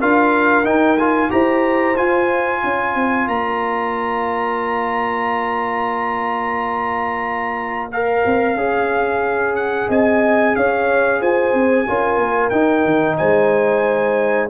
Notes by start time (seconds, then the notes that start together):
0.00 D4 F4 A#4 F5
0.64 D#4 G5
0.97 F4 G#5
1.30 E4 G4 C5 A#5
1.97 F4 G#5
2.62 C#4 C#5
2.95 C4
3.27 A#3 A#5
7.92 A#4 F5
8.25 C4
8.55 C#4 G#4
9.56 F#5
9.88 C4 D#5 G#5
10.56 C#4 C#5 F5
11.20 F4 C5 G#5
11.53 C4
11.87 C#4 F4 A#4
12.17 A#3
12.49 D#4 G5
12.85 D#3
13.17 G#3 C5 G#5